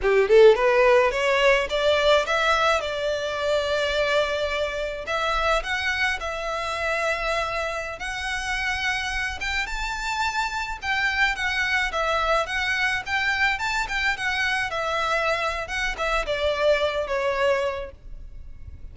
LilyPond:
\new Staff \with { instrumentName = "violin" } { \time 4/4 \tempo 4 = 107 g'8 a'8 b'4 cis''4 d''4 | e''4 d''2.~ | d''4 e''4 fis''4 e''4~ | e''2~ e''16 fis''4.~ fis''16~ |
fis''8. g''8 a''2 g''8.~ | g''16 fis''4 e''4 fis''4 g''8.~ | g''16 a''8 g''8 fis''4 e''4.~ e''16 | fis''8 e''8 d''4. cis''4. | }